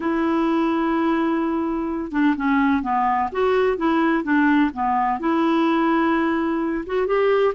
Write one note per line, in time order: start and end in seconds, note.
0.00 2.11 E4
2.11 2.35 D4
2.36 2.82 C#4
2.82 3.29 B3
3.32 3.77 F#4
3.77 4.23 E4
4.23 4.71 D4
4.73 5.19 B3
5.19 6.85 E4
6.86 7.06 F#4
7.06 7.54 G4